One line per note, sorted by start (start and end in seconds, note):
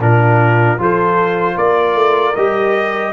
0.00 0.78 A#2
0.00 0.79 D4
0.00 0.82 F4
0.00 0.80 A#4
0.79 1.56 F3
0.79 2.35 F4
0.79 1.57 A4
0.79 1.58 C5
1.57 1.95 A#3
1.57 3.12 A#4
1.57 2.36 D5
1.95 2.34 A3
2.36 3.13 G3
2.36 3.13 G4
2.36 3.13 D#5